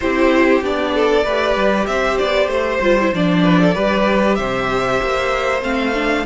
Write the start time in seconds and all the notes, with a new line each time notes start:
0.00 C4 E4 G4 C5
0.61 B3 D4 D5
0.94 A4
1.23 A3 G4 B4
1.55 G3
1.86 C4 C5 E5
2.17 B3 D5
2.47 A3 C5
2.80 G3 F4
2.99 E4
3.13 F3 D4 D5
3.43 B4
3.60 A4
3.74 G3 G4 B4
4.35 C3 C5 E5
5.02 A#3
5.61 A3 C4 F5
5.94 D4